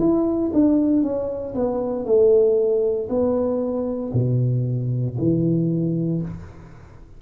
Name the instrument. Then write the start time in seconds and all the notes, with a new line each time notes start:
tuba
0.00 E4
0.54 D4
1.03 C#4
1.55 B3
2.05 A3
3.09 B3
4.14 B2
5.19 E3